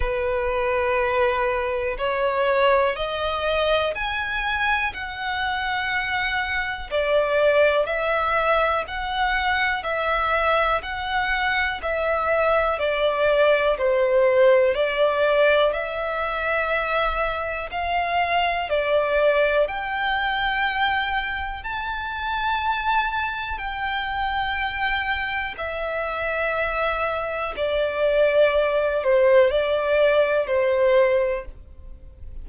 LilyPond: \new Staff \with { instrumentName = "violin" } { \time 4/4 \tempo 4 = 61 b'2 cis''4 dis''4 | gis''4 fis''2 d''4 | e''4 fis''4 e''4 fis''4 | e''4 d''4 c''4 d''4 |
e''2 f''4 d''4 | g''2 a''2 | g''2 e''2 | d''4. c''8 d''4 c''4 | }